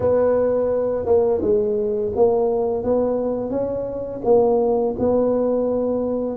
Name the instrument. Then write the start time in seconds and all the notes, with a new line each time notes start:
tuba
0.00 B3
1.05 A#3
1.41 G#3
2.15 A#3
2.83 B3
3.50 C#4
4.24 A#3
4.99 B3